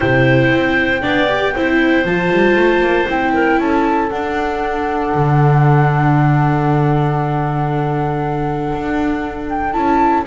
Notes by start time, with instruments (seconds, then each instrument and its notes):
0.00 double bass C3, viola E4, clarinet C5, flute G5
0.51 double bass C4
1.01 double bass B3, viola D4, clarinet D5
1.28 viola G4
1.55 double bass C4, viola E4, clarinet C5
2.05 double bass F3, viola F4, flute A5
2.31 double bass G3
2.55 double bass A3
2.80 double bass A#3
3.07 double bass C4, viola E4, flute G5
3.34 clarinet A#4
3.59 double bass C#4, clarinet A4, flute A5
4.09 double bass D4, viola D4, flute F#5
5.14 double bass D3
8.72 double bass D4
9.49 flute G5
9.72 double bass C#4, viola E4, flute A5